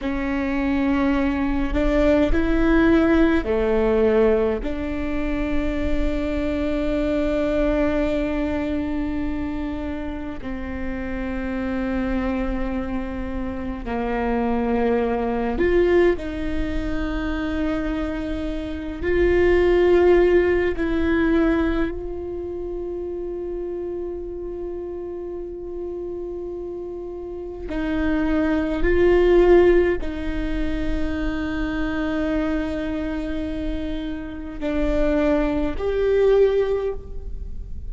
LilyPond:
\new Staff \with { instrumentName = "viola" } { \time 4/4 \tempo 4 = 52 cis'4. d'8 e'4 a4 | d'1~ | d'4 c'2. | ais4. f'8 dis'2~ |
dis'8 f'4. e'4 f'4~ | f'1 | dis'4 f'4 dis'2~ | dis'2 d'4 g'4 | }